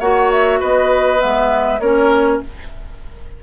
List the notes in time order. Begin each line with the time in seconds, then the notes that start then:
0.00 A#3 F#4 C#5 F#5
0.31 E5
0.60 B3 B4 D#5
1.18 G#3 B3 E5
1.79 A#3 C#4 A#4 C#5